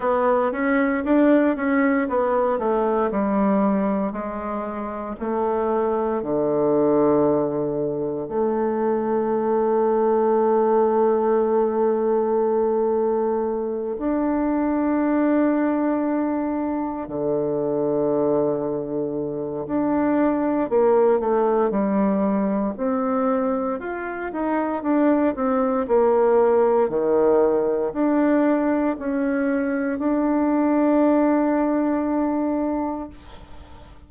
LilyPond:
\new Staff \with { instrumentName = "bassoon" } { \time 4/4 \tempo 4 = 58 b8 cis'8 d'8 cis'8 b8 a8 g4 | gis4 a4 d2 | a1~ | a4. d'2~ d'8~ |
d'8 d2~ d8 d'4 | ais8 a8 g4 c'4 f'8 dis'8 | d'8 c'8 ais4 dis4 d'4 | cis'4 d'2. | }